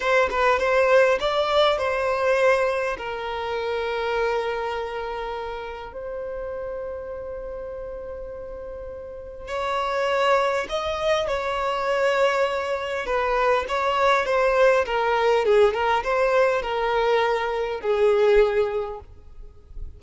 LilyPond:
\new Staff \with { instrumentName = "violin" } { \time 4/4 \tempo 4 = 101 c''8 b'8 c''4 d''4 c''4~ | c''4 ais'2.~ | ais'2 c''2~ | c''1 |
cis''2 dis''4 cis''4~ | cis''2 b'4 cis''4 | c''4 ais'4 gis'8 ais'8 c''4 | ais'2 gis'2 | }